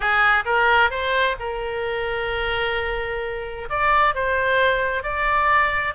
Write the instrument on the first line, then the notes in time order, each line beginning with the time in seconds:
oboe
0.00 G#4
0.45 A#4
0.90 C5
1.39 A#4
3.69 D5
4.15 C5
5.03 D5